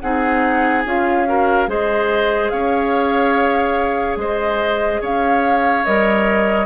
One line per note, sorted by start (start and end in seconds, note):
0.00 0.86 C4
0.00 0.86 D#4
0.00 1.28 G#4
0.00 0.83 F#5
0.86 1.68 C#4
0.86 1.27 F4
0.86 1.71 F5
1.27 1.68 F#4
1.27 1.70 A#4
1.68 2.51 G#3
1.68 5.85 G#4
1.68 2.52 C5
1.68 2.50 D#5
2.50 4.17 C#4
2.50 4.19 C#5
2.50 4.17 F5
4.17 5.00 G#3
4.17 5.02 C5
4.17 5.03 D#5
5.02 5.86 C#4
5.02 6.66 C#5
5.02 5.86 F5
5.86 6.66 G3
5.86 6.66 A#4
5.86 6.66 D#5